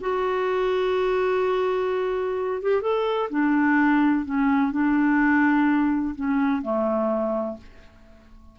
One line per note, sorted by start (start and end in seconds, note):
0.00 2.62 F#4
2.62 2.81 G4
2.81 3.29 A4
3.29 4.25 D4
4.25 4.71 C#4
4.71 6.14 D4
6.15 6.62 C#4
6.62 7.57 A3